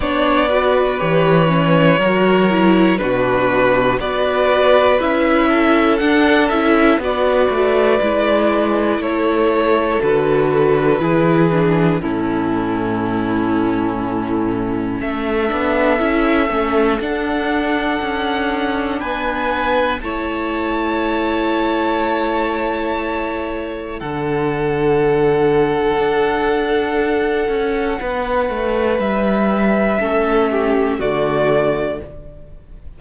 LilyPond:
<<
  \new Staff \with { instrumentName = "violin" } { \time 4/4 \tempo 4 = 60 d''4 cis''2 b'4 | d''4 e''4 fis''8 e''8 d''4~ | d''4 cis''4 b'2 | a'2. e''4~ |
e''4 fis''2 gis''4 | a''1 | fis''1~ | fis''4 e''2 d''4 | }
  \new Staff \with { instrumentName = "violin" } { \time 4/4 cis''8 b'4. ais'4 fis'4 | b'4. a'4. b'4~ | b'4 a'2 gis'4 | e'2. a'4~ |
a'2. b'4 | cis''1 | a'1 | b'2 a'8 g'8 fis'4 | }
  \new Staff \with { instrumentName = "viola" } { \time 4/4 d'8 fis'8 g'8 cis'8 fis'8 e'8 d'4 | fis'4 e'4 d'8 e'8 fis'4 | e'2 fis'4 e'8 d'8 | cis'2.~ cis'8 d'8 |
e'8 cis'8 d'2. | e'1 | d'1~ | d'2 cis'4 a4 | }
  \new Staff \with { instrumentName = "cello" } { \time 4/4 b4 e4 fis4 b,4 | b4 cis'4 d'8 cis'8 b8 a8 | gis4 a4 d4 e4 | a,2. a8 b8 |
cis'8 a8 d'4 cis'4 b4 | a1 | d2 d'4. cis'8 | b8 a8 g4 a4 d4 | }
>>